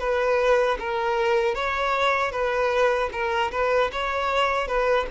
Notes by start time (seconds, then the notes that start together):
0.00 B4
0.79 A#4
1.55 C#5
2.32 B4
3.12 A#4
3.52 B4
3.92 C#5
4.68 B4